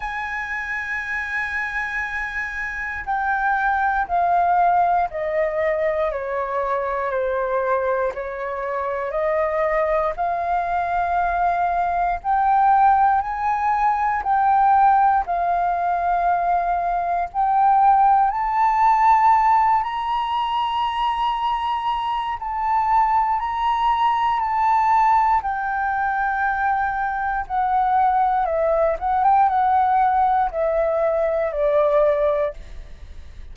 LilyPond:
\new Staff \with { instrumentName = "flute" } { \time 4/4 \tempo 4 = 59 gis''2. g''4 | f''4 dis''4 cis''4 c''4 | cis''4 dis''4 f''2 | g''4 gis''4 g''4 f''4~ |
f''4 g''4 a''4. ais''8~ | ais''2 a''4 ais''4 | a''4 g''2 fis''4 | e''8 fis''16 g''16 fis''4 e''4 d''4 | }